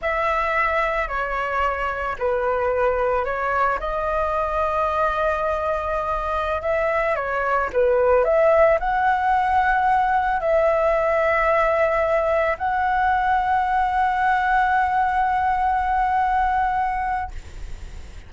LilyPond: \new Staff \with { instrumentName = "flute" } { \time 4/4 \tempo 4 = 111 e''2 cis''2 | b'2 cis''4 dis''4~ | dis''1~ | dis''16 e''4 cis''4 b'4 e''8.~ |
e''16 fis''2. e''8.~ | e''2.~ e''16 fis''8.~ | fis''1~ | fis''1 | }